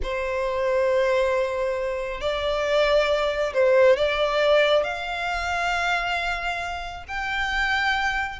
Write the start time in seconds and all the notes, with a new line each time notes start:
0.02 C5
2.20 D5
3.53 C5
3.96 D5
4.83 F5
7.07 G5